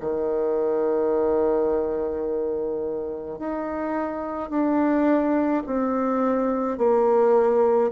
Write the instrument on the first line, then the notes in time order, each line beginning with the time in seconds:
bassoon
0.00 D#3
3.39 D#4
4.50 D4
5.66 C4
6.78 A#3